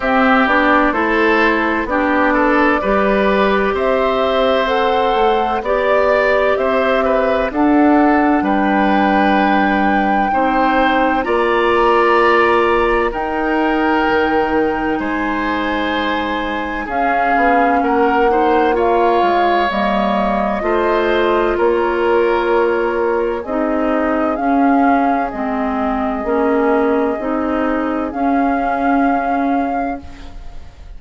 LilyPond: <<
  \new Staff \with { instrumentName = "flute" } { \time 4/4 \tempo 4 = 64 e''8 d''8 c''4 d''2 | e''4 fis''4 d''4 e''4 | fis''4 g''2. | ais''2 g''2 |
gis''2 f''4 fis''4 | f''4 dis''2 cis''4~ | cis''4 dis''4 f''4 dis''4~ | dis''2 f''2 | }
  \new Staff \with { instrumentName = "oboe" } { \time 4/4 g'4 a'4 g'8 a'8 b'4 | c''2 d''4 c''8 b'8 | a'4 b'2 c''4 | d''2 ais'2 |
c''2 gis'4 ais'8 c''8 | cis''2 c''4 ais'4~ | ais'4 gis'2.~ | gis'1 | }
  \new Staff \with { instrumentName = "clarinet" } { \time 4/4 c'8 d'8 e'4 d'4 g'4~ | g'4 a'4 g'2 | d'2. dis'4 | f'2 dis'2~ |
dis'2 cis'4. dis'8 | f'4 ais4 f'2~ | f'4 dis'4 cis'4 c'4 | cis'4 dis'4 cis'2 | }
  \new Staff \with { instrumentName = "bassoon" } { \time 4/4 c'8 b8 a4 b4 g4 | c'4. a8 b4 c'4 | d'4 g2 c'4 | ais2 dis'4 dis4 |
gis2 cis'8 b8 ais4~ | ais8 gis8 g4 a4 ais4~ | ais4 c'4 cis'4 gis4 | ais4 c'4 cis'2 | }
>>